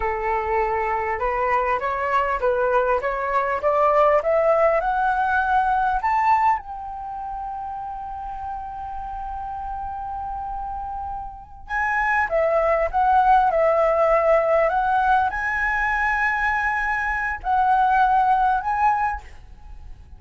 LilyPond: \new Staff \with { instrumentName = "flute" } { \time 4/4 \tempo 4 = 100 a'2 b'4 cis''4 | b'4 cis''4 d''4 e''4 | fis''2 a''4 g''4~ | g''1~ |
g''2.~ g''8 gis''8~ | gis''8 e''4 fis''4 e''4.~ | e''8 fis''4 gis''2~ gis''8~ | gis''4 fis''2 gis''4 | }